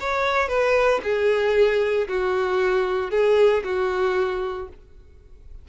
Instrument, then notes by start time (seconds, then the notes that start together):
violin
0.00 C#5
0.48 B4
1.03 G#4
2.08 F#4
3.11 G#4
3.64 F#4